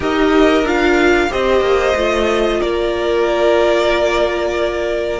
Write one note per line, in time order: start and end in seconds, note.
0.00 0.62 D#4
0.00 0.64 G4
0.00 1.28 A#4
0.00 0.67 D#5
0.62 1.28 D4
0.62 1.29 F4
0.62 1.32 F5
1.29 1.60 C4
1.29 1.94 G4
1.29 2.60 C5
1.29 2.61 D#5
1.60 1.93 A#3
1.95 2.60 A3
1.95 5.20 F4
2.60 5.20 A#3
2.60 5.20 A#4
2.60 5.20 D5